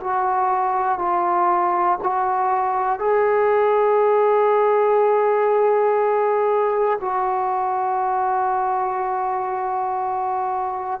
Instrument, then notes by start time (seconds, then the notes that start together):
trombone
0.00 F#4
0.98 F4
2.02 F#4
2.99 G#4
7.00 F#4